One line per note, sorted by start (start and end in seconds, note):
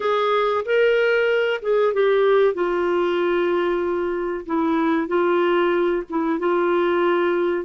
0.00 0.64 G#4
0.65 1.60 A#4
1.61 1.93 G#4
1.93 2.54 G4
2.54 4.45 F4
4.45 5.07 E4
5.07 6.03 F4
6.09 6.39 E4
6.39 7.65 F4